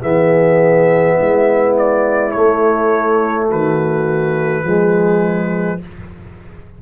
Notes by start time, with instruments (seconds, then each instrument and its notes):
0.00 tuba E3, trombone B3, horn G#4, trumpet E5
1.17 tuba G#3, horn E4
1.77 trumpet D5
2.31 trombone A3, tuba A3, trumpet C#5
3.48 tuba D#3, horn F#4, trumpet B4
4.64 tuba F3, trombone G#3, horn G#4